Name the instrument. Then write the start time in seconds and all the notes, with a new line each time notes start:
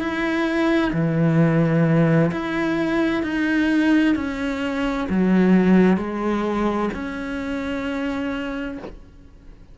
cello
0.00 E4
0.93 E3
2.32 E4
3.23 D#4
4.16 C#4
5.10 F#3
5.97 G#3
6.94 C#4